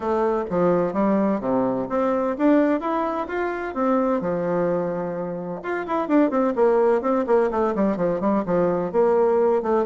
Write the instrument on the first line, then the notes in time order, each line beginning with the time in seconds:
bassoon
0.00 A3
0.49 F3
0.93 G3
1.40 C3
1.89 C4
2.38 D4
2.80 E4
3.27 F4
3.74 C4
4.20 F3
5.62 F4
5.86 E4
6.07 D4
6.30 C4
6.55 A#3
7.01 C4
7.26 A#3
7.51 A3
7.75 G3
7.97 F3
8.20 G3
8.45 F3
8.92 A#3
9.62 A3